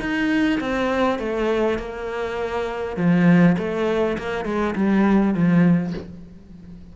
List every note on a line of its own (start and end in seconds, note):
0.00 0.59 D#4
0.60 1.19 C4
1.19 1.78 A3
1.78 2.97 A#3
2.97 3.56 F3
3.58 4.17 A3
4.18 4.45 A#3
4.45 4.75 G#3
4.76 5.34 G3
5.34 5.94 F3